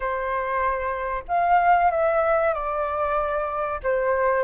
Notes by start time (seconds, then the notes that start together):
0.00 C5
1.28 F5
1.91 E5
2.53 D5
3.83 C5